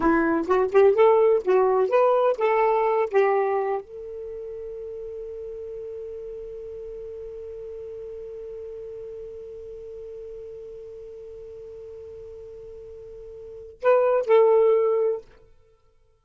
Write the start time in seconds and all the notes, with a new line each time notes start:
0.00 E4
0.47 F#4
0.71 G4
0.94 A4
1.44 F#4
1.89 B4
2.37 A4
3.10 G4
3.81 A4
13.81 B4
14.26 A4